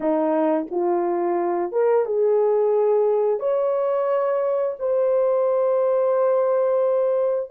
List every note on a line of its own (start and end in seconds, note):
0.00 0.66 D#4
0.71 1.72 F4
1.72 2.05 A#4
2.05 3.39 G#4
3.39 4.75 C#5
4.79 7.50 C5